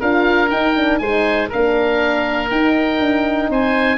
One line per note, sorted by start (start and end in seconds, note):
0.00 0.52 D4
0.00 0.49 F4
0.00 1.00 A#4
0.00 0.50 F5
0.49 0.74 D#4
0.49 1.00 D#4
0.49 0.99 G5
0.76 1.01 D4
0.99 1.50 G#3
0.99 1.51 D#4
0.99 1.49 C5
0.99 1.49 G#5
1.49 2.51 A#3
1.49 2.52 D4
1.49 3.49 A#4
1.49 2.50 F5
2.50 3.00 D#4
2.50 3.98 D#4
2.50 3.50 G5
3.00 3.50 D4
3.50 3.98 C4
3.50 3.98 C5
3.50 3.98 G#5